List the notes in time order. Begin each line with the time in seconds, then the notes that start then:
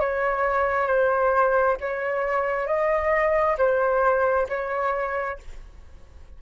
0.00 C#5
0.88 C5
1.80 C#5
2.67 D#5
3.58 C5
4.49 C#5